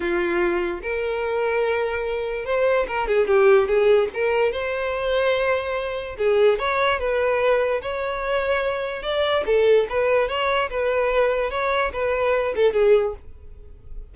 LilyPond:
\new Staff \with { instrumentName = "violin" } { \time 4/4 \tempo 4 = 146 f'2 ais'2~ | ais'2 c''4 ais'8 gis'8 | g'4 gis'4 ais'4 c''4~ | c''2. gis'4 |
cis''4 b'2 cis''4~ | cis''2 d''4 a'4 | b'4 cis''4 b'2 | cis''4 b'4. a'8 gis'4 | }